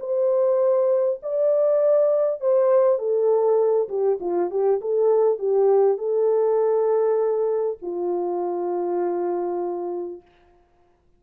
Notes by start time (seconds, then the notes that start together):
0.00 C5
1.23 D5
2.41 C5
2.99 A4
3.89 G4
4.21 F4
4.51 G4
4.81 A4
5.39 G4
5.98 A4
7.82 F4